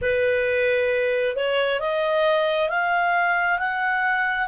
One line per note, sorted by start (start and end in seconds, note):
0.01 1.36 B4
1.36 1.80 C#5
1.80 2.69 D#5
2.69 3.58 F5
3.58 4.48 F#5